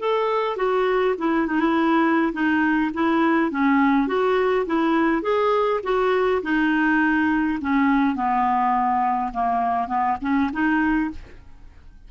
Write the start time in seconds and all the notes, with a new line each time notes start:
0.00 A4
0.57 F#4
1.18 E4
1.47 D#4
1.60 E4
2.33 D#4
2.94 E4
3.51 C#4
4.08 F#4
4.67 E4
5.22 G#4
5.84 F#4
6.43 D#4
7.61 C#4
8.15 B3
9.33 A#3
9.88 B3
10.22 C#4
10.53 D#4